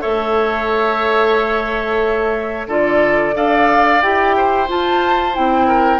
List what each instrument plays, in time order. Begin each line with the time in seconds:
0.00 bassoon A3, clarinet A4, oboe C#5, flute E5
2.67 bassoon D3, clarinet F4, oboe A4, flute D5
3.33 bassoon D4, clarinet A4, oboe D5, flute F5
4.02 bassoon E4, clarinet G4, flute G5
4.37 oboe C5
4.67 clarinet F4, bassoon F4, flute A5
5.33 bassoon C4, clarinet E4, flute G5
5.67 oboe A#4